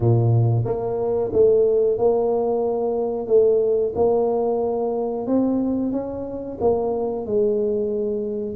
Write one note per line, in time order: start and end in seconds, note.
0.00 0.64 A#2
0.65 1.31 A#3
1.32 1.98 A3
1.98 3.27 A#3
3.27 3.93 A3
3.95 5.26 A#3
5.26 5.92 C4
5.92 6.58 C#4
6.60 7.26 A#3
7.26 8.55 G#3